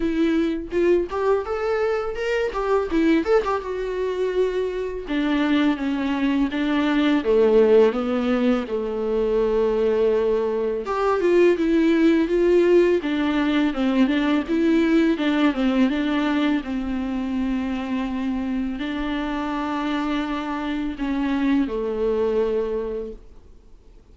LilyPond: \new Staff \with { instrumentName = "viola" } { \time 4/4 \tempo 4 = 83 e'4 f'8 g'8 a'4 ais'8 g'8 | e'8 a'16 g'16 fis'2 d'4 | cis'4 d'4 a4 b4 | a2. g'8 f'8 |
e'4 f'4 d'4 c'8 d'8 | e'4 d'8 c'8 d'4 c'4~ | c'2 d'2~ | d'4 cis'4 a2 | }